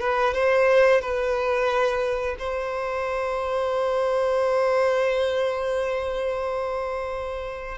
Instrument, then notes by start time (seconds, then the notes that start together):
violin
0.00 B4
0.34 C5
1.01 B4
2.39 C5